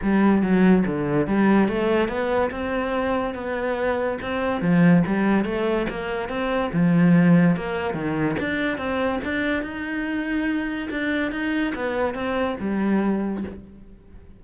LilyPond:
\new Staff \with { instrumentName = "cello" } { \time 4/4 \tempo 4 = 143 g4 fis4 d4 g4 | a4 b4 c'2 | b2 c'4 f4 | g4 a4 ais4 c'4 |
f2 ais4 dis4 | d'4 c'4 d'4 dis'4~ | dis'2 d'4 dis'4 | b4 c'4 g2 | }